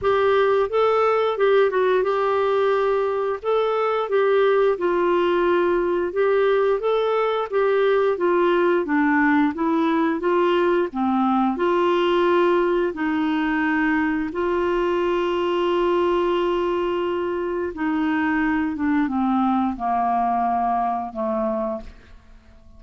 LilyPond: \new Staff \with { instrumentName = "clarinet" } { \time 4/4 \tempo 4 = 88 g'4 a'4 g'8 fis'8 g'4~ | g'4 a'4 g'4 f'4~ | f'4 g'4 a'4 g'4 | f'4 d'4 e'4 f'4 |
c'4 f'2 dis'4~ | dis'4 f'2.~ | f'2 dis'4. d'8 | c'4 ais2 a4 | }